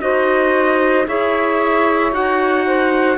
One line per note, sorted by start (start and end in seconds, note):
0.00 1.06 D#4
0.00 1.05 F#4
0.00 1.06 C5
0.00 1.06 D#5
1.06 2.12 E4
1.06 2.12 G#4
1.06 2.64 C#5
1.06 2.13 E5
2.12 3.17 D#4
2.12 3.17 F#4
2.12 3.18 F#5
2.65 3.18 C5